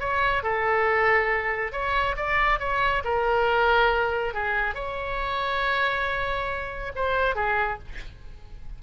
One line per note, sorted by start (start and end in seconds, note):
0.00 0.43 C#5
0.43 1.72 A4
1.72 2.16 C#5
2.17 2.59 D5
2.59 3.03 C#5
3.04 4.34 A#4
4.34 4.75 G#4
4.75 6.92 C#5
6.96 7.35 C5
7.35 7.79 G#4